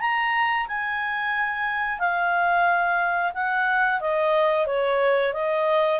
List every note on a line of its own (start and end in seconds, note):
0.00 0.67 A#5
0.67 1.99 G#5
1.99 3.32 F5
3.34 4.00 F#5
4.00 4.66 D#5
4.66 5.33 C#5
5.33 6.00 D#5